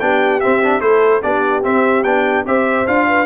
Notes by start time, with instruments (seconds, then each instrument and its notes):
0.00 tuba B3, trombone D4, horn G4, trumpet G5
0.40 trombone C4, tuba C4, trumpet E5
0.64 trombone D4
0.81 tuba A3, trombone E4, horn A4, trumpet C5
1.23 tuba B3, trombone D4, horn G4, trumpet D5
1.63 trombone C4, tuba C4, trumpet E5
2.04 tuba B3, trombone D4, trumpet G5
2.46 tuba C4, trombone G4, horn C5, trumpet E5
2.87 tuba D4, trombone F4, trumpet F5
3.08 horn B4